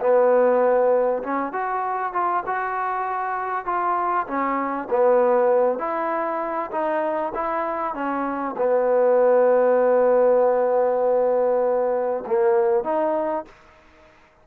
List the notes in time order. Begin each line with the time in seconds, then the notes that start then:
0.00 B3
1.23 C#4
1.53 F#4
2.13 F4
2.46 F#4
3.65 F4
4.27 C#4
4.90 B3
5.78 E4
6.71 D#4
7.34 E4
7.94 C#4
8.57 B3
12.26 A#3
12.83 D#4